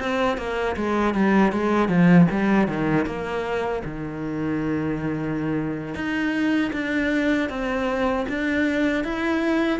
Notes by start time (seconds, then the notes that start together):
0.00 C4
0.37 A#3
0.76 G#3
1.14 G3
1.52 G#3
1.88 F3
2.31 G3
2.68 D#3
3.06 A#3
3.85 D#3
5.94 D#4
6.72 D4
7.49 C4
8.28 D4
9.04 E4